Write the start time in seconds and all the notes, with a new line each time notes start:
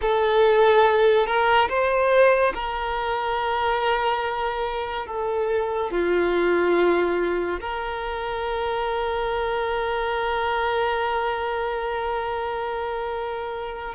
0.01 A4
1.26 A#4
1.68 C5
2.54 A#4
5.06 A4
5.90 F4
7.60 A#4